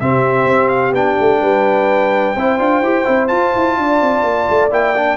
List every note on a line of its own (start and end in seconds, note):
0.00 0.46 C3
0.00 0.95 C4
0.00 1.41 G4
0.00 0.69 E5
0.46 0.92 C4
0.69 0.93 F5
0.92 1.16 B3
0.92 2.36 D4
0.92 3.28 G5
1.20 1.41 A3
1.41 2.36 G3
1.41 2.35 B4
2.35 2.59 C4
2.35 2.59 E4
2.35 3.77 C5
2.59 2.81 D4
2.59 2.83 F4
2.81 3.05 E4
2.81 3.05 G4
3.05 3.32 C4
3.05 3.28 E4
3.28 4.70 F4
3.28 3.55 F4
3.28 4.69 A5
3.56 3.78 E4
3.78 4.01 D4
3.78 5.17 D5
4.01 4.23 C4
4.23 4.47 A#3
4.50 4.71 A3
4.71 5.17 A#3
4.71 4.95 E4
4.71 5.17 G5
4.96 5.17 D4